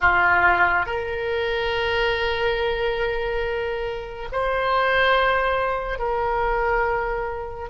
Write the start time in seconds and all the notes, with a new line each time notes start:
0.00 F4
0.86 A#4
4.32 C5
5.98 A#4